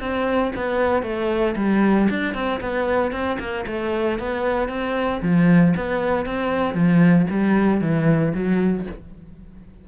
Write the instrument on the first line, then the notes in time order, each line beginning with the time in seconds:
cello
0.00 C4
0.56 B3
1.03 A3
1.56 G3
2.10 D4
2.34 C4
2.61 B3
3.12 C4
3.40 A#3
3.67 A3
4.19 B3
4.69 C4
5.22 F3
5.77 B3
6.26 C4
6.75 F3
7.30 G3
7.81 E3
8.34 F#3